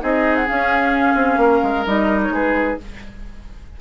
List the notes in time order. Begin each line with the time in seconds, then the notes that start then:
0.00 C4 D#4 G#4 D#5
0.36 F#5
0.46 C#4 F5
1.15 C4
1.37 A#3 A#4
1.63 G#3
1.86 G3 D#4 D#5
2.23 C#5
2.30 G#3 G#4 B4